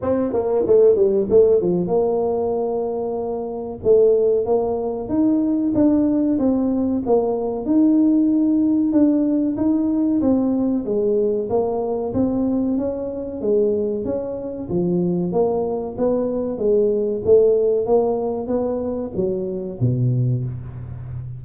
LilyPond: \new Staff \with { instrumentName = "tuba" } { \time 4/4 \tempo 4 = 94 c'8 ais8 a8 g8 a8 f8 ais4~ | ais2 a4 ais4 | dis'4 d'4 c'4 ais4 | dis'2 d'4 dis'4 |
c'4 gis4 ais4 c'4 | cis'4 gis4 cis'4 f4 | ais4 b4 gis4 a4 | ais4 b4 fis4 b,4 | }